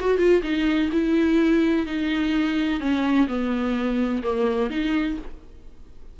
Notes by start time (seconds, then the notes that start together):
0.00 F#4
0.18 F4
0.43 D#4
0.92 E4
1.86 D#4
2.80 C#4
3.28 B3
4.23 A#3
4.70 D#4